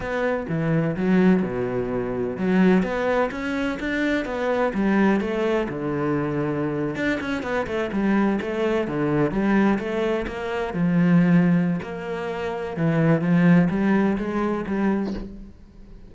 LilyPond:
\new Staff \with { instrumentName = "cello" } { \time 4/4 \tempo 4 = 127 b4 e4 fis4 b,4~ | b,4 fis4 b4 cis'4 | d'4 b4 g4 a4 | d2~ d8. d'8 cis'8 b16~ |
b16 a8 g4 a4 d4 g16~ | g8. a4 ais4 f4~ f16~ | f4 ais2 e4 | f4 g4 gis4 g4 | }